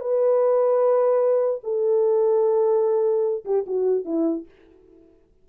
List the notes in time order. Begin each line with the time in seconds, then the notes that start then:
0.00 B4
1.63 A4
3.45 G4
3.67 F#4
4.05 E4